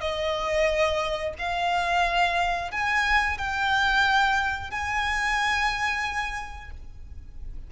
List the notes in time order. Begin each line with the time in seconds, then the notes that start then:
0.00 D#5
1.38 F5
2.71 G#5
3.37 G5
4.70 G#5